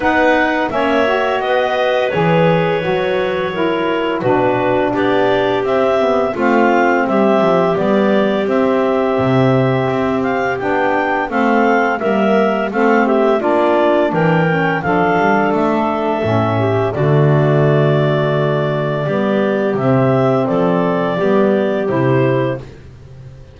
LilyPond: <<
  \new Staff \with { instrumentName = "clarinet" } { \time 4/4 \tempo 4 = 85 fis''4 e''4 dis''4 cis''4~ | cis''2 b'4 d''4 | e''4 f''4 e''4 d''4 | e''2~ e''8 f''8 g''4 |
f''4 e''4 f''8 e''8 d''4 | g''4 f''4 e''2 | d''1 | e''4 d''2 c''4 | }
  \new Staff \with { instrumentName = "clarinet" } { \time 4/4 b'4 cis''4 b'2~ | b'4 ais'4 fis'4 g'4~ | g'4 f'4 g'2~ | g'1 |
a'4 ais'4 a'8 g'8 f'4 | ais'4 a'2~ a'8 g'8 | fis'2. g'4~ | g'4 a'4 g'2 | }
  \new Staff \with { instrumentName = "saxophone" } { \time 4/4 dis'4 cis'8 fis'4. gis'4 | fis'4 e'4 d'2 | c'8 b8 c'2 b4 | c'2. d'4 |
c'4 ais4 c'4 d'4~ | d'8 cis'8 d'2 cis'4 | a2. b4 | c'2 b4 e'4 | }
  \new Staff \with { instrumentName = "double bass" } { \time 4/4 b4 ais4 b4 e4 | fis2 b,4 b4 | c'4 a4 g8 f8 g4 | c'4 c4 c'4 b4 |
a4 g4 a4 ais4 | e4 f8 g8 a4 a,4 | d2. g4 | c4 f4 g4 c4 | }
>>